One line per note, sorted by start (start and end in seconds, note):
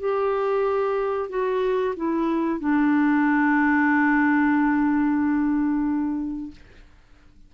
0.00 1.30 G4
1.30 1.95 F#4
1.96 2.60 E4
2.60 6.51 D4